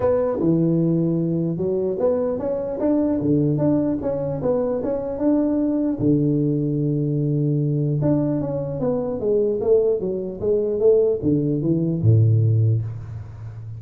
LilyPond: \new Staff \with { instrumentName = "tuba" } { \time 4/4 \tempo 4 = 150 b4 e2. | fis4 b4 cis'4 d'4 | d4 d'4 cis'4 b4 | cis'4 d'2 d4~ |
d1 | d'4 cis'4 b4 gis4 | a4 fis4 gis4 a4 | d4 e4 a,2 | }